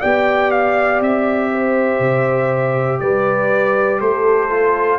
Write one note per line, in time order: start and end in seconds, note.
0.00 1.00 B3
0.00 4.49 G4
0.00 1.50 D5
0.00 0.51 G5
0.51 1.01 F5
1.00 1.99 C4
1.00 2.99 E5
1.51 3.01 C5
1.99 2.99 C3
2.99 4.00 G3
2.99 4.00 B4
2.99 3.99 D5
4.00 4.99 A3
4.00 4.99 A4
4.00 4.99 C5
4.49 4.99 F4